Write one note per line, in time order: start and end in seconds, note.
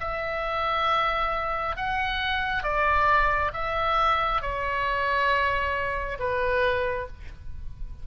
0.00 1.76 E5
1.76 2.63 F#5
2.63 3.51 D5
3.53 4.41 E5
4.41 6.18 C#5
6.19 7.07 B4